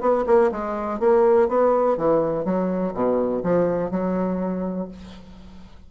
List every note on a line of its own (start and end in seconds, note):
0.00 0.24 B3
0.26 0.51 A#3
0.51 1.00 G#3
1.00 1.48 A#3
1.48 1.97 B3
1.97 2.45 E3
2.45 2.94 F#3
2.94 3.43 B2
3.43 3.91 F3
3.91 4.88 F#3